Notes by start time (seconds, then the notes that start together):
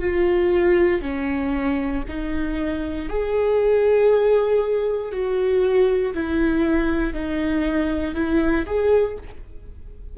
0.00 F4
1.02 C#4
2.08 D#4
3.10 G#4
5.12 F#4
6.14 E4
7.14 D#4
8.15 E4
8.67 G#4